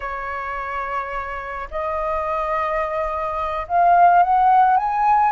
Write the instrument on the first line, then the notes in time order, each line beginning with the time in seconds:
flute
0.00 C#5
1.70 D#5
3.67 F5
4.23 F#5
4.77 G#5